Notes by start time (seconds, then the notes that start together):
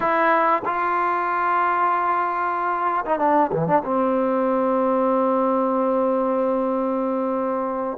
0.00 E4
0.65 F4
3.05 D#4
3.19 D4
3.52 E3
3.67 D4
3.84 C4